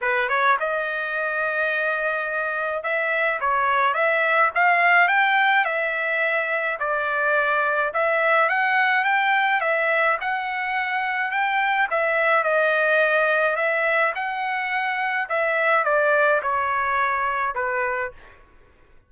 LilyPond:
\new Staff \with { instrumentName = "trumpet" } { \time 4/4 \tempo 4 = 106 b'8 cis''8 dis''2.~ | dis''4 e''4 cis''4 e''4 | f''4 g''4 e''2 | d''2 e''4 fis''4 |
g''4 e''4 fis''2 | g''4 e''4 dis''2 | e''4 fis''2 e''4 | d''4 cis''2 b'4 | }